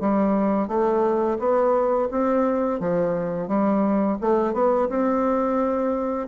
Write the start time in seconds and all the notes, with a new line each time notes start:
0.00 G3
0.68 A3
1.39 B3
2.11 C4
2.80 F3
3.48 G3
4.21 A3
4.53 B3
4.89 C4